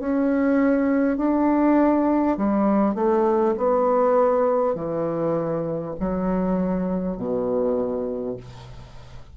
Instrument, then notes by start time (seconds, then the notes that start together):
bassoon
0.00 C#4
1.18 D4
2.37 G3
2.95 A3
3.57 B3
4.75 E3
6.00 F#3
7.17 B2